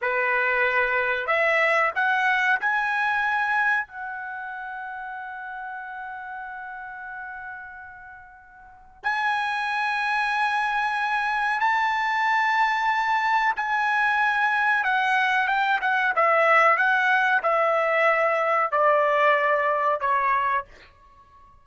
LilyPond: \new Staff \with { instrumentName = "trumpet" } { \time 4/4 \tempo 4 = 93 b'2 e''4 fis''4 | gis''2 fis''2~ | fis''1~ | fis''2 gis''2~ |
gis''2 a''2~ | a''4 gis''2 fis''4 | g''8 fis''8 e''4 fis''4 e''4~ | e''4 d''2 cis''4 | }